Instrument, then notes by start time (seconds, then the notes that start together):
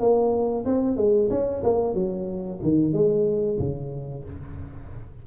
tuba
0.00 A#3
0.66 C4
0.97 G#3
1.30 C#4
1.64 A#3
1.94 F#3
2.63 D#3
2.93 G#3
3.59 C#3